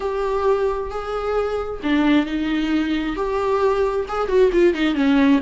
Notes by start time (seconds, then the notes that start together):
0.00 G4
0.90 G#4
1.83 D4
2.26 D#4
3.16 G4
4.08 G#4
4.28 F#4
4.52 F4
4.74 D#4
4.94 C#4